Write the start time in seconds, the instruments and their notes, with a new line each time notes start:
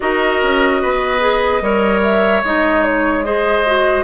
0.00 bassoon D#4, clarinet F#4, oboe A#4, flute D#5
0.42 bassoon C#4
0.81 bassoon B3, oboe B4
1.20 clarinet G#4
1.61 bassoon G3, clarinet A#4, oboe C#5
2.02 flute E5
2.42 bassoon G#3, clarinet D#4, flute D#5
2.84 flute C#5
3.23 clarinet G#4, oboe C5, flute D#5
3.66 clarinet F#4